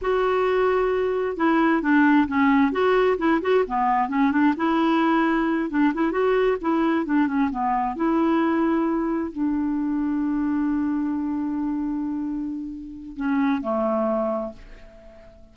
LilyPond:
\new Staff \with { instrumentName = "clarinet" } { \time 4/4 \tempo 4 = 132 fis'2. e'4 | d'4 cis'4 fis'4 e'8 fis'8 | b4 cis'8 d'8 e'2~ | e'8 d'8 e'8 fis'4 e'4 d'8 |
cis'8 b4 e'2~ e'8~ | e'8 d'2.~ d'8~ | d'1~ | d'4 cis'4 a2 | }